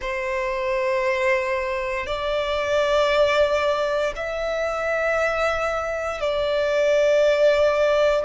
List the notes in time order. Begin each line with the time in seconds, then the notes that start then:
0.00 C5
2.06 D5
4.16 E5
6.21 D5